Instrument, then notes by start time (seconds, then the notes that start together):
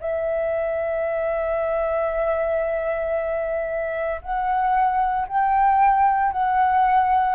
flute
0.00 E5
4.21 F#5
5.27 G5
6.32 F#5